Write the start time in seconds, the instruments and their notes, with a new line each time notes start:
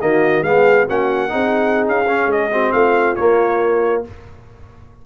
0.00 tuba D#3, trombone A#3, horn F#4, trumpet D#5
0.42 tuba G#3, trombone B3, horn G#4, trumpet F5
0.86 tuba A#3, trombone C#4, horn F#4, trumpet F#5
1.29 tuba C4, trombone D#4, horn G#4
1.87 tuba C#4, trumpet F5
2.07 trombone C#4
2.26 tuba G#3, trumpet D#5
2.51 trombone C4, horn F#4
2.72 tuba A3, horn F4, trumpet F5
3.15 trombone A#3, tuba A#3, trumpet C#5